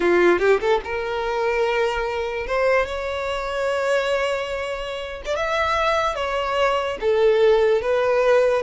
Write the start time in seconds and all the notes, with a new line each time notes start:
0.00 F4
0.39 G4
0.60 A4
0.84 A#4
2.46 C5
2.86 C#5
5.25 D5
5.35 E5
6.15 C#5
7.00 A4
7.81 B4